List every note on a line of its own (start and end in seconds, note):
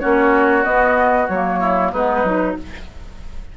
0.00 0.66 A#3
0.00 0.63 C#4
0.00 1.60 F#4
0.00 0.64 C#5
0.63 1.27 B3
0.63 1.29 B3
0.63 1.28 D#5
1.28 1.93 F#3
1.28 1.95 A#3
1.28 1.92 C#5
1.60 1.92 E4
1.93 2.24 G#3
1.93 2.26 B3
1.93 2.56 D#4
1.93 2.57 B4
2.24 2.56 F#3
2.24 2.57 D#4